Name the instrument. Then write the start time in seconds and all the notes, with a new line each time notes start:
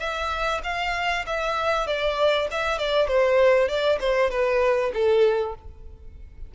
violin
0.00 E5
0.64 F5
1.27 E5
1.87 D5
2.52 E5
2.79 D5
3.08 C5
3.68 D5
4.00 C5
4.31 B4
4.94 A4